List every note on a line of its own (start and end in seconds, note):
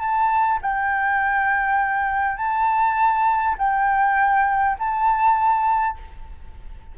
0.00 0.59 A5
0.62 2.38 G5
2.38 3.56 A5
3.59 4.78 G5
4.80 5.98 A5